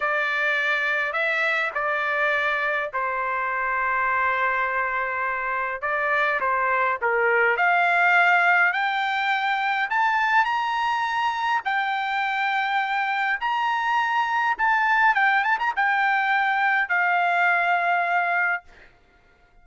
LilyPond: \new Staff \with { instrumentName = "trumpet" } { \time 4/4 \tempo 4 = 103 d''2 e''4 d''4~ | d''4 c''2.~ | c''2 d''4 c''4 | ais'4 f''2 g''4~ |
g''4 a''4 ais''2 | g''2. ais''4~ | ais''4 a''4 g''8 a''16 ais''16 g''4~ | g''4 f''2. | }